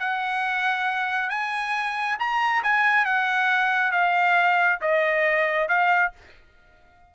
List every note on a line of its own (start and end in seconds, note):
0.00 1.30 F#5
1.30 2.18 G#5
2.19 2.63 A#5
2.63 3.05 G#5
3.05 3.92 F#5
3.92 4.80 F5
4.82 5.69 D#5
5.69 6.12 F5